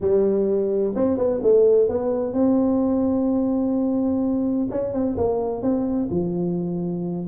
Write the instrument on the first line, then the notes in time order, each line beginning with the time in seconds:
tuba
0.00 G3
0.95 C4
1.17 B3
1.43 A3
1.88 B3
2.33 C4
4.70 C#4
4.93 C4
5.17 A#3
5.61 C4
6.10 F3